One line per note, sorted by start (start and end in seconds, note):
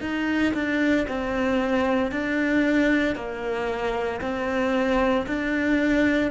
0.00 0.53 D#4
0.53 1.06 D4
1.08 2.11 C4
2.11 3.15 D4
3.15 4.20 A#3
4.21 5.26 C4
5.26 6.31 D4